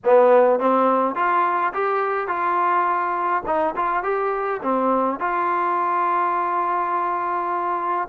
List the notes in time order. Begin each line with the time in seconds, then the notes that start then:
0.04 B3
0.59 C4
1.15 F4
1.73 G4
2.27 F4
3.46 D#4
3.76 F4
4.03 G4
4.62 C4
5.19 F4